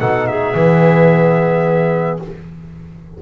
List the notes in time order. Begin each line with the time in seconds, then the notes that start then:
0.00 B2 D#4 A4 F#5
0.27 G#4 E5
0.55 E3 B3